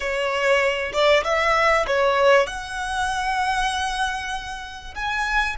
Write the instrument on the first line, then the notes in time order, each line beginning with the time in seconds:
violin
0.00 C#5
0.93 D5
1.24 E5
1.87 C#5
2.46 F#5
4.94 G#5